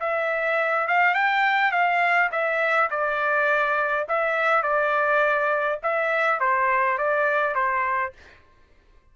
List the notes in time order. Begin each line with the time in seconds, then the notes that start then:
0.00 E5
0.87 F5
1.14 G5
1.72 F5
2.31 E5
2.90 D5
4.08 E5
4.63 D5
5.83 E5
6.40 C5
6.98 D5
7.54 C5